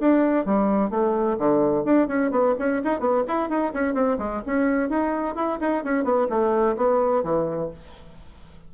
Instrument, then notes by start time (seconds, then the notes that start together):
bassoon
0.00 D4
0.45 G3
0.90 A3
1.38 D3
1.84 D4
2.07 C#4
2.31 B3
2.58 C#4
2.84 D#4
3.00 B3
3.27 E4
3.49 D#4
3.74 C#4
3.94 C4
4.18 G#3
4.46 C#4
4.89 D#4
5.35 E4
5.60 D#4
5.84 C#4
6.04 B3
6.29 A3
6.76 B3
7.23 E3